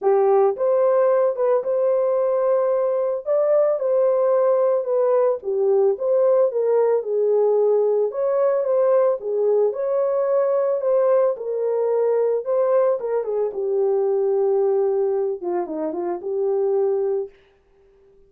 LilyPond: \new Staff \with { instrumentName = "horn" } { \time 4/4 \tempo 4 = 111 g'4 c''4. b'8 c''4~ | c''2 d''4 c''4~ | c''4 b'4 g'4 c''4 | ais'4 gis'2 cis''4 |
c''4 gis'4 cis''2 | c''4 ais'2 c''4 | ais'8 gis'8 g'2.~ | g'8 f'8 dis'8 f'8 g'2 | }